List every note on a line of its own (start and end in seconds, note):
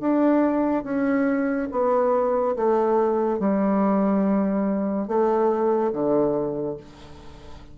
0.00 0.83 D4
0.83 1.68 C#4
1.71 2.55 B3
2.56 3.39 A3
3.39 5.07 G3
5.07 5.92 A3
5.92 6.77 D3